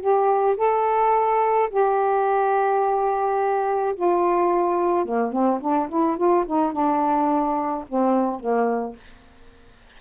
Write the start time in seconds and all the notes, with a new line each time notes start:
0.00 G4
0.57 A4
1.70 G4
3.95 F4
5.05 A#3
5.32 C4
5.60 D4
5.89 E4
6.17 F4
6.46 D#4
6.72 D4
7.88 C4
8.39 A#3